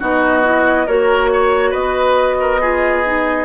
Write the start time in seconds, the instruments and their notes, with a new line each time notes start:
0.00 bassoon B3, clarinet D#4, oboe F#4, flute D#5
0.43 clarinet E4
0.86 bassoon A#3, clarinet F#4, oboe A#4, flute C#5
1.33 oboe C#5
1.70 bassoon B3, oboe B4, flute D#5
2.40 oboe A#4
2.61 clarinet F4, oboe G#4
3.05 clarinet D#4